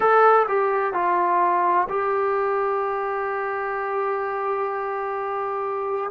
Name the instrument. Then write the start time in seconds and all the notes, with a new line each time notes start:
trombone
0.00 A4
0.47 G4
0.93 F4
1.89 G4